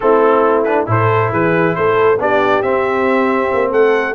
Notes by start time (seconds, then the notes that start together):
0.00 A3 C4 E4 A4
0.64 D4 B4
0.86 A2 E4 A4 C5
1.31 E3 G#4 B4
1.75 A3 A4 C5
2.18 B3 D4 G4 D5
2.62 C4 E5
3.53 A#3
3.70 A3 A4 F#5